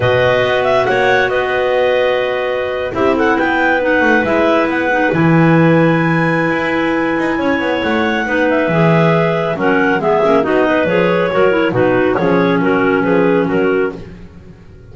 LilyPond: <<
  \new Staff \with { instrumentName = "clarinet" } { \time 4/4 \tempo 4 = 138 dis''4. e''8 fis''4 dis''4~ | dis''2~ dis''8. e''8 fis''8 g''16~ | g''8. fis''4 e''4 fis''4 gis''16~ | gis''1~ |
gis''2 fis''4. e''8~ | e''2 fis''4 e''4 | dis''4 cis''2 b'4 | cis''4 ais'4 b'4 ais'4 | }
  \new Staff \with { instrumentName = "clarinet" } { \time 4/4 b'2 cis''4 b'4~ | b'2~ b'8. g'8 a'8 b'16~ | b'1~ | b'1~ |
b'4 cis''2 b'4~ | b'2 ais'4 gis'4 | fis'8 b'4. ais'4 fis'4 | gis'4 fis'4 gis'4 fis'4 | }
  \new Staff \with { instrumentName = "clarinet" } { \time 4/4 fis'1~ | fis'2~ fis'8. e'4~ e'16~ | e'8. dis'4 e'4. dis'8 e'16~ | e'1~ |
e'2. dis'4 | gis'2 cis'4 b8 cis'8 | dis'4 gis'4 fis'8 e'8 dis'4 | cis'1 | }
  \new Staff \with { instrumentName = "double bass" } { \time 4/4 b,4 b4 ais4 b4~ | b2~ b8. c'4 b16~ | b4~ b16 a8 gis4 b4 e16~ | e2. e'4~ |
e'8 dis'8 cis'8 b8 a4 b4 | e2 fis4 gis8 ais8 | b4 f4 fis4 b,4 | f4 fis4 f4 fis4 | }
>>